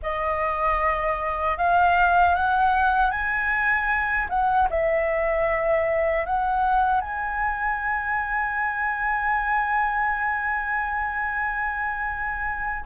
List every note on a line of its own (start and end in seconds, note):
0.02 1.57 D#5
1.57 2.35 F5
2.35 3.10 F#5
3.10 4.27 G#5
4.29 4.68 F#5
4.70 6.25 E5
6.25 7.00 F#5
7.00 12.85 G#5